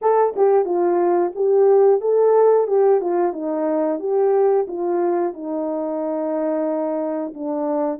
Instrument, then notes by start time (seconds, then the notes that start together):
horn
0.01 A4
0.35 G4
0.65 F4
1.35 G4
2.00 A4
2.67 G4
3.00 F4
3.32 D#4
3.99 G4
4.67 F4
5.33 D#4
7.34 D4